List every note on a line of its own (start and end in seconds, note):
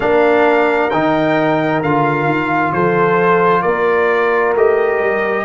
0.00 0.90 A#3
0.00 0.91 D4
0.00 2.73 A#4
0.00 0.90 F5
0.90 1.81 D#3
0.90 1.84 D#4
0.90 1.81 G5
1.81 2.25 D3
1.81 4.56 F4
1.81 2.72 F5
2.25 2.70 D#3
2.72 3.63 F3
2.72 3.62 A4
2.72 3.62 C5
3.62 4.54 A#3
3.62 5.44 A#4
3.62 4.53 D5
4.54 4.99 A3
4.54 5.44 G4
4.54 5.44 D#5
4.99 5.44 G3